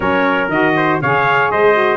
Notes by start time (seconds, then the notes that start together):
0.00 F#3 C#4 A#4 C#5
0.48 D#3 F#4 D#5
0.76 C5
1.01 C#3 G#4 C#5 F5
1.51 G#3 C5 D#5
1.73 F#4